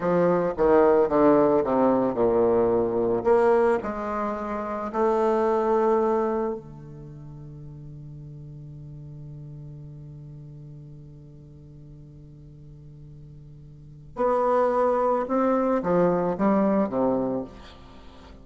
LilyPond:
\new Staff \with { instrumentName = "bassoon" } { \time 4/4 \tempo 4 = 110 f4 dis4 d4 c4 | ais,2 ais4 gis4~ | gis4 a2. | d1~ |
d1~ | d1~ | d2 b2 | c'4 f4 g4 c4 | }